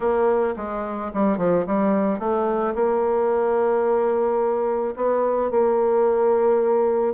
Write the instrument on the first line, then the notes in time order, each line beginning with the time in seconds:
bassoon
0.00 A#3
0.56 G#3
1.13 G3
1.37 F3
1.66 G3
2.19 A3
2.74 A#3
4.95 B3
5.50 A#3